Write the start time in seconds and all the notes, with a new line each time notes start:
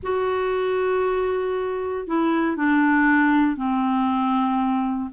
0.02 F#4
2.07 E4
2.56 D4
3.56 C4